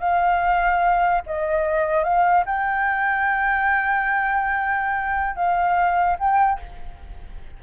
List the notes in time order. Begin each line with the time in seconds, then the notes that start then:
0.00 F5
1.26 D#5
2.04 F5
2.46 G5
5.36 F5
6.19 G5